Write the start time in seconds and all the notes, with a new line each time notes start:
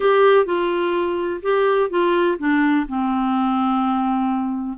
0.00 G4
0.45 F4
1.42 G4
1.90 F4
2.38 D4
2.88 C4